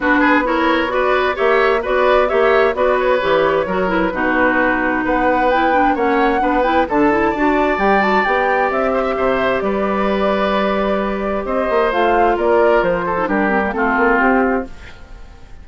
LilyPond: <<
  \new Staff \with { instrumentName = "flute" } { \time 4/4 \tempo 4 = 131 b'4 cis''4 d''4 e''4 | d''4 e''4 d''8 cis''4.~ | cis''8 b'2~ b'8 fis''4 | g''4 fis''4. g''8 a''4~ |
a''4 g''8 a''8 g''4 e''4~ | e''4 d''2.~ | d''4 dis''4 f''4 d''4 | c''4 ais'4 a'4 g'4 | }
  \new Staff \with { instrumentName = "oboe" } { \time 4/4 fis'8 gis'8 ais'4 b'4 cis''4 | b'4 cis''4 b'2 | ais'4 fis'2 b'4~ | b'4 cis''4 b'4 a'4 |
d''2.~ d''8 c''16 e''16 | c''4 b'2.~ | b'4 c''2 ais'4~ | ais'8 a'8 g'4 f'2 | }
  \new Staff \with { instrumentName = "clarinet" } { \time 4/4 d'4 e'4 fis'4 g'4 | fis'4 g'4 fis'4 g'4 | fis'8 e'8 dis'2. | e'8 d'8 cis'4 d'8 e'8 d'8 e'8 |
fis'4 g'8 fis'8 g'2~ | g'1~ | g'2 f'2~ | f'8. dis'16 d'8 c'16 ais16 c'2 | }
  \new Staff \with { instrumentName = "bassoon" } { \time 4/4 b2. ais4 | b4 ais4 b4 e4 | fis4 b,2 b4~ | b4 ais4 b4 d4 |
d'4 g4 b4 c'4 | c4 g2.~ | g4 c'8 ais8 a4 ais4 | f4 g4 a8 ais8 c'4 | }
>>